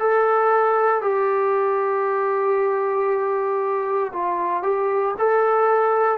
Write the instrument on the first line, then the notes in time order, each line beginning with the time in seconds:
trombone
0.00 A4
1.02 G4
4.13 F4
4.63 G4
5.19 A4